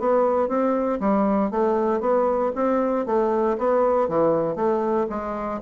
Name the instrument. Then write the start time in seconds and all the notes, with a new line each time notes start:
bassoon
0.00 B3
0.48 C4
1.00 G3
1.51 A3
2.01 B3
2.56 C4
3.06 A3
3.59 B3
4.09 E3
4.56 A3
5.10 G#3